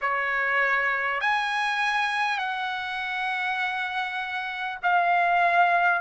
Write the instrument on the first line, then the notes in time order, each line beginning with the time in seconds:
trumpet
0.01 C#5
1.21 G#5
2.38 F#5
4.83 F5